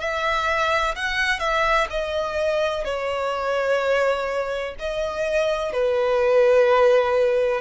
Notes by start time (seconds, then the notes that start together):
0.00 E5
0.96 F#5
1.40 E5
1.90 D#5
2.85 C#5
4.79 D#5
5.73 B4